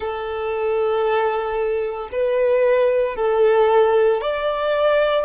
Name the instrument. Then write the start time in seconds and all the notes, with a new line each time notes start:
violin
0.00 A4
2.11 B4
3.16 A4
4.21 D5